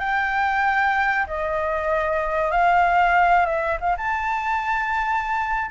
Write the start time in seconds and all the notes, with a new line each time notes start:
0.00 G5
1.27 D#5
2.51 F5
3.46 E5
3.80 F5
3.97 A5